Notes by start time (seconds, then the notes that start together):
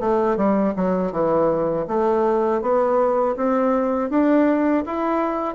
0.00 A3
0.37 G3
0.76 F#3
1.12 E3
1.87 A3
2.61 B3
3.36 C4
4.10 D4
4.86 E4